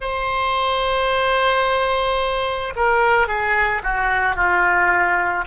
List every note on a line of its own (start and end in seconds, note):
0.00 2.73 C5
2.76 3.27 A#4
3.27 3.82 G#4
3.83 4.35 F#4
4.35 5.44 F4